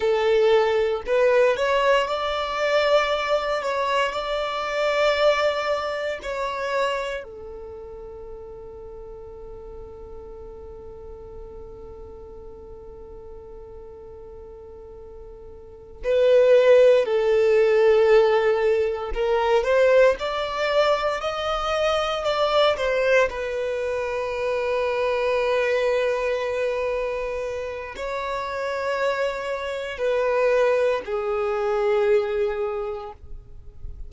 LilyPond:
\new Staff \with { instrumentName = "violin" } { \time 4/4 \tempo 4 = 58 a'4 b'8 cis''8 d''4. cis''8 | d''2 cis''4 a'4~ | a'1~ | a'2.~ a'8 b'8~ |
b'8 a'2 ais'8 c''8 d''8~ | d''8 dis''4 d''8 c''8 b'4.~ | b'2. cis''4~ | cis''4 b'4 gis'2 | }